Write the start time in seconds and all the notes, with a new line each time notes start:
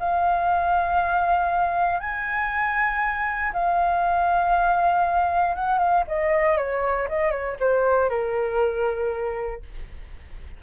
0.00 F5
2.00 G#5
3.53 F5
5.56 F#5
5.79 F5
6.08 D#5
6.57 C#5
7.09 D#5
7.32 C#5
7.60 C5
8.10 A#4